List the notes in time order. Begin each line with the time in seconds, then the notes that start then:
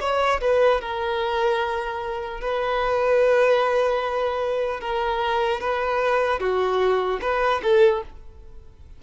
0.00 C#5
0.40 B4
0.80 A#4
2.40 B4
4.80 A#4
5.60 B4
6.39 F#4
7.21 B4
7.63 A4